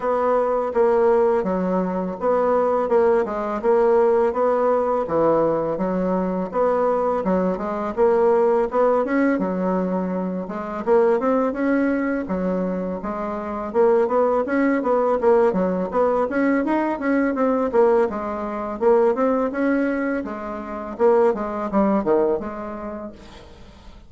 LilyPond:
\new Staff \with { instrumentName = "bassoon" } { \time 4/4 \tempo 4 = 83 b4 ais4 fis4 b4 | ais8 gis8 ais4 b4 e4 | fis4 b4 fis8 gis8 ais4 | b8 cis'8 fis4. gis8 ais8 c'8 |
cis'4 fis4 gis4 ais8 b8 | cis'8 b8 ais8 fis8 b8 cis'8 dis'8 cis'8 | c'8 ais8 gis4 ais8 c'8 cis'4 | gis4 ais8 gis8 g8 dis8 gis4 | }